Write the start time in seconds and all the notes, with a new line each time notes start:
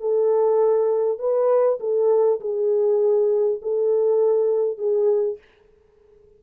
0.00 A4
1.19 B4
1.80 A4
2.41 G#4
3.62 A4
4.78 G#4